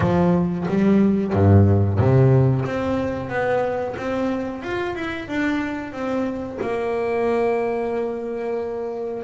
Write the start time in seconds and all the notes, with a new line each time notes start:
0.00 F3
0.68 G3
1.33 G2
1.98 C3
2.65 C4
3.29 B3
3.97 C4
4.62 F4
4.95 E4
5.27 D4
5.92 C4
6.61 A#3